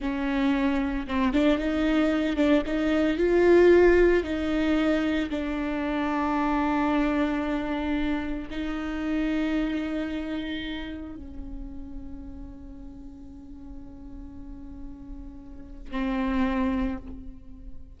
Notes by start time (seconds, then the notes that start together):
0.00 C#4
1.07 C4
1.33 D4
1.58 D#4
2.36 D4
2.65 D#4
3.17 F4
4.23 D#4
5.30 D4
8.50 D#4
11.15 C#4
15.91 C4